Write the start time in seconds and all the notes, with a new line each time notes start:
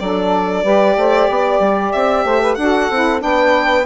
0.00 F#3 D4 A4 D5
0.63 G3 G4 B4
0.96 A3 C5
1.29 B3 D5
1.60 G3
1.92 C4 E5
2.25 A3 C5
2.42 B4
2.55 D4 F#4 A4 F#5
2.90 C4 E4
3.19 B3 D4 B4 G5